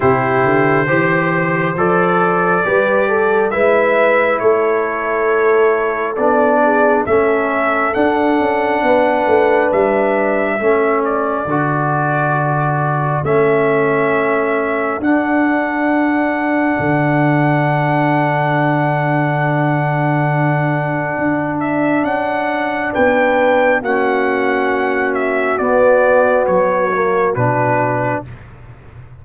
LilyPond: <<
  \new Staff \with { instrumentName = "trumpet" } { \time 4/4 \tempo 4 = 68 c''2 d''2 | e''4 cis''2 d''4 | e''4 fis''2 e''4~ | e''8 d''2~ d''8 e''4~ |
e''4 fis''2.~ | fis''1~ | fis''8 e''8 fis''4 g''4 fis''4~ | fis''8 e''8 d''4 cis''4 b'4 | }
  \new Staff \with { instrumentName = "horn" } { \time 4/4 g'4 c''2 b'8 a'8 | b'4 a'2~ a'8 gis'8 | a'2 b'2 | a'1~ |
a'1~ | a'1~ | a'2 b'4 fis'4~ | fis'1 | }
  \new Staff \with { instrumentName = "trombone" } { \time 4/4 e'4 g'4 a'4 g'4 | e'2. d'4 | cis'4 d'2. | cis'4 fis'2 cis'4~ |
cis'4 d'2.~ | d'1~ | d'2. cis'4~ | cis'4 b4. ais8 d'4 | }
  \new Staff \with { instrumentName = "tuba" } { \time 4/4 c8 d8 e4 f4 g4 | gis4 a2 b4 | a4 d'8 cis'8 b8 a8 g4 | a4 d2 a4~ |
a4 d'2 d4~ | d1 | d'4 cis'4 b4 ais4~ | ais4 b4 fis4 b,4 | }
>>